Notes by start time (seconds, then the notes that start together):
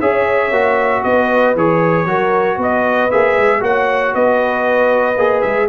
0.00 C#4 G#4 C#5 E5
0.52 A#3 F#4
1.04 B3 B4 D#5
1.56 E3 G#4 C#5
2.06 F#3 F#4 A#4
2.56 B3 B4
2.63 D#5
3.11 A#3 G#4 E5
3.38 G#3
3.61 A#3 F#4 C#5 F#5
4.14 B3 B4 D#5
5.17 A#3 G#4
5.42 G#3 E5